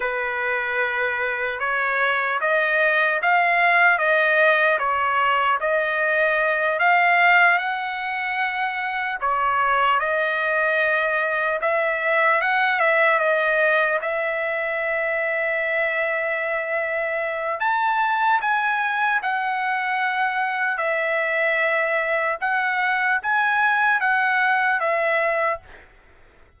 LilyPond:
\new Staff \with { instrumentName = "trumpet" } { \time 4/4 \tempo 4 = 75 b'2 cis''4 dis''4 | f''4 dis''4 cis''4 dis''4~ | dis''8 f''4 fis''2 cis''8~ | cis''8 dis''2 e''4 fis''8 |
e''8 dis''4 e''2~ e''8~ | e''2 a''4 gis''4 | fis''2 e''2 | fis''4 gis''4 fis''4 e''4 | }